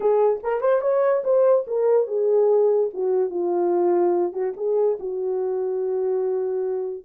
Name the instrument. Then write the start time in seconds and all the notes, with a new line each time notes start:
horn
0.00 G#4
0.43 A#4
0.61 C5
0.81 C#5
1.24 C5
1.67 A#4
2.07 G#4
2.93 F#4
3.30 F4
4.32 F#4
4.56 G#4
4.99 F#4